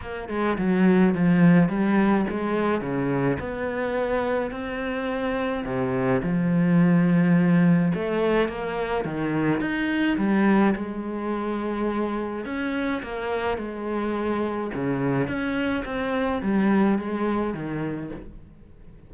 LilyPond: \new Staff \with { instrumentName = "cello" } { \time 4/4 \tempo 4 = 106 ais8 gis8 fis4 f4 g4 | gis4 cis4 b2 | c'2 c4 f4~ | f2 a4 ais4 |
dis4 dis'4 g4 gis4~ | gis2 cis'4 ais4 | gis2 cis4 cis'4 | c'4 g4 gis4 dis4 | }